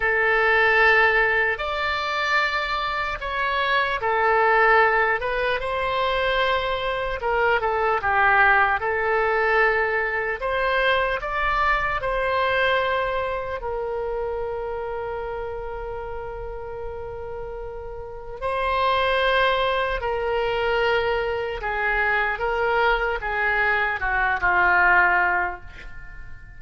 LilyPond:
\new Staff \with { instrumentName = "oboe" } { \time 4/4 \tempo 4 = 75 a'2 d''2 | cis''4 a'4. b'8 c''4~ | c''4 ais'8 a'8 g'4 a'4~ | a'4 c''4 d''4 c''4~ |
c''4 ais'2.~ | ais'2. c''4~ | c''4 ais'2 gis'4 | ais'4 gis'4 fis'8 f'4. | }